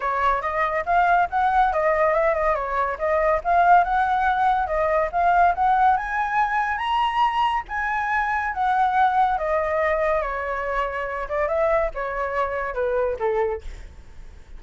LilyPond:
\new Staff \with { instrumentName = "flute" } { \time 4/4 \tempo 4 = 141 cis''4 dis''4 f''4 fis''4 | dis''4 e''8 dis''8 cis''4 dis''4 | f''4 fis''2 dis''4 | f''4 fis''4 gis''2 |
ais''2 gis''2 | fis''2 dis''2 | cis''2~ cis''8 d''8 e''4 | cis''2 b'4 a'4 | }